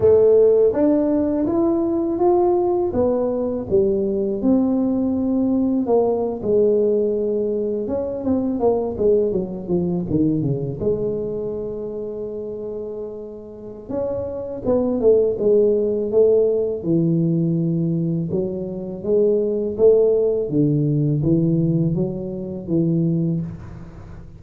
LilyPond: \new Staff \with { instrumentName = "tuba" } { \time 4/4 \tempo 4 = 82 a4 d'4 e'4 f'4 | b4 g4 c'2 | ais8. gis2 cis'8 c'8 ais16~ | ais16 gis8 fis8 f8 dis8 cis8 gis4~ gis16~ |
gis2. cis'4 | b8 a8 gis4 a4 e4~ | e4 fis4 gis4 a4 | d4 e4 fis4 e4 | }